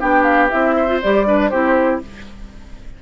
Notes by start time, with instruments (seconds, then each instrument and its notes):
0.00 bassoon B3, clarinet D4, oboe G4, flute G5
0.23 flute F5
0.50 bassoon C4, clarinet E4, flute E5
0.77 oboe C5
0.88 clarinet F4
1.02 bassoon G3, clarinet G4, flute D5
1.26 clarinet D4, oboe B4
1.49 bassoon C4, clarinet E4, oboe G4, flute C5